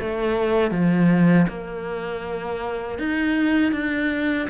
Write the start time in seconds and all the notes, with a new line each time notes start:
0.00 A3
0.71 F3
1.48 A#3
2.99 D#4
3.72 D4